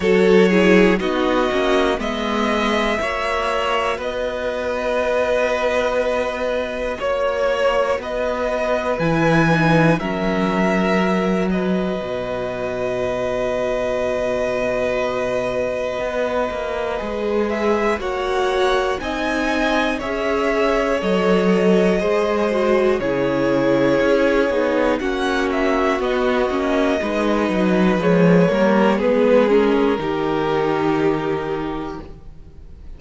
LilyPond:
<<
  \new Staff \with { instrumentName = "violin" } { \time 4/4 \tempo 4 = 60 cis''4 dis''4 e''2 | dis''2. cis''4 | dis''4 gis''4 e''4. dis''8~ | dis''1~ |
dis''4. e''8 fis''4 gis''4 | e''4 dis''2 cis''4~ | cis''4 fis''8 e''8 dis''2 | cis''4 b'8 ais'2~ ais'8 | }
  \new Staff \with { instrumentName = "violin" } { \time 4/4 a'8 gis'8 fis'4 dis''4 cis''4 | b'2. cis''4 | b'2 ais'4. b'8~ | b'1~ |
b'2 cis''4 dis''4 | cis''2 c''4 gis'4~ | gis'4 fis'2 b'4~ | b'8 ais'8 gis'4 g'2 | }
  \new Staff \with { instrumentName = "viola" } { \time 4/4 fis'8 e'8 dis'8 cis'8 b4 fis'4~ | fis'1~ | fis'4 e'8 dis'8 cis'4 fis'4~ | fis'1~ |
fis'4 gis'4 fis'4 dis'4 | gis'4 a'4 gis'8 fis'8 e'4~ | e'8 dis'8 cis'4 b8 cis'8 dis'4 | gis8 ais8 b8 cis'8 dis'2 | }
  \new Staff \with { instrumentName = "cello" } { \time 4/4 fis4 b8 ais8 gis4 ais4 | b2. ais4 | b4 e4 fis2 | b,1 |
b8 ais8 gis4 ais4 c'4 | cis'4 fis4 gis4 cis4 | cis'8 b8 ais4 b8 ais8 gis8 fis8 | f8 g8 gis4 dis2 | }
>>